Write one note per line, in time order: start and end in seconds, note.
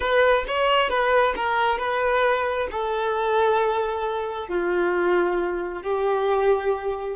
0.00 0.45 B4
0.47 0.89 C#5
0.89 1.34 B4
1.36 1.78 A#4
1.78 2.68 B4
2.71 4.48 A4
4.48 5.82 F4
5.82 7.16 G4